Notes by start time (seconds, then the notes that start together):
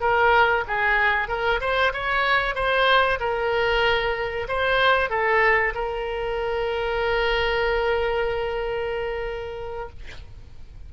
0.00 A#4
0.67 G#4
1.28 A#4
1.60 C5
1.93 C#5
2.55 C5
3.19 A#4
4.48 C5
5.09 A4
5.74 A#4